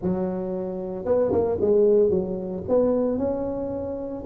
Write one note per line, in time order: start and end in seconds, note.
0.01 1.05 F#3
1.05 1.31 B3
1.32 1.58 A#3
1.60 2.09 G#3
2.09 2.63 F#3
2.68 3.17 B3
3.17 4.24 C#4